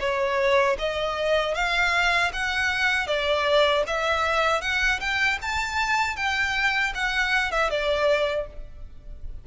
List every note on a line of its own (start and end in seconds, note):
0.00 0.77 C#5
0.79 1.55 D#5
1.55 2.32 F5
2.33 3.07 F#5
3.07 3.84 D5
3.87 4.62 E5
4.62 5.00 F#5
5.01 5.39 G5
5.42 6.16 A5
6.16 6.93 G5
6.95 7.52 F#5
7.52 7.70 E5
7.70 8.47 D5